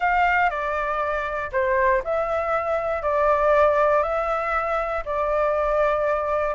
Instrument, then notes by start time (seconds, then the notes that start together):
flute
0.00 F5
0.50 D5
1.52 C5
2.04 E5
3.02 D5
4.02 E5
5.05 D5